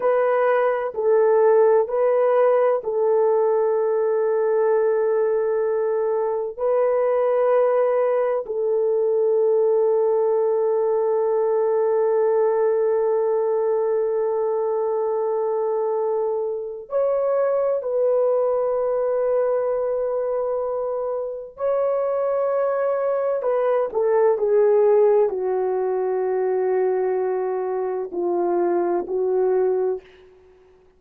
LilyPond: \new Staff \with { instrumentName = "horn" } { \time 4/4 \tempo 4 = 64 b'4 a'4 b'4 a'4~ | a'2. b'4~ | b'4 a'2.~ | a'1~ |
a'2 cis''4 b'4~ | b'2. cis''4~ | cis''4 b'8 a'8 gis'4 fis'4~ | fis'2 f'4 fis'4 | }